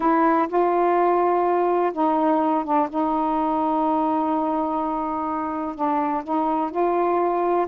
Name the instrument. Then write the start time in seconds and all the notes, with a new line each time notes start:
saxophone
0.00 E4
0.48 F4
1.92 D#4
2.64 D4
2.89 D#4
5.75 D4
6.23 D#4
6.70 F4